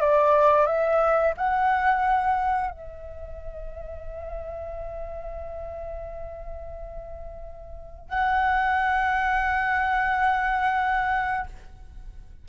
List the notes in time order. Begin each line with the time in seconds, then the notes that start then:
0.00 D5
0.66 E5
1.37 F#5
2.70 E5
8.09 F#5